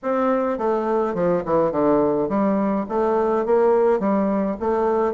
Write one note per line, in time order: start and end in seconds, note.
0.02 0.58 C4
0.58 1.14 A3
1.14 1.43 F3
1.45 1.71 E3
1.71 2.29 D3
2.29 2.86 G3
2.88 3.45 A3
3.45 3.99 A#3
3.99 4.56 G3
4.60 5.13 A3